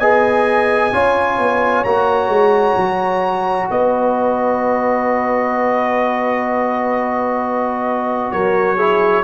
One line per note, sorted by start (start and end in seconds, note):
0.00 0.92 B3
0.00 0.94 G#4
0.00 0.93 D#5
0.00 1.84 G#5
0.93 1.39 C#4
0.93 1.86 F4
0.93 3.71 C#5
1.39 1.85 B3
1.84 2.29 A#3
1.84 8.79 F#4
1.84 3.69 A#5
2.29 2.75 G#3
2.77 3.69 F#3
3.71 8.32 B3
3.71 8.32 B4
3.71 8.32 D#5
8.32 9.24 F#3
8.32 8.77 A#4
8.32 9.24 C#5
8.77 9.24 E4
8.77 9.23 G#4